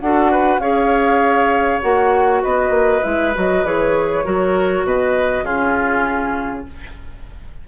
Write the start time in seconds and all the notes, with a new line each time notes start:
0.00 D4 F#4 A4 F#5
0.31 B4
0.58 C#4 G#4 C#5 F5
1.81 A#3 F#4 F#5
2.42 B3 B4 D#5
2.69 A#3
3.02 G#3 E4 E5
3.34 F#3 F#4 D#5
3.64 E3 G#4 C#5
4.24 F#3 F#4 A#4
4.83 B2 B4 D#5
5.42 C#3 C#4 F4 G#4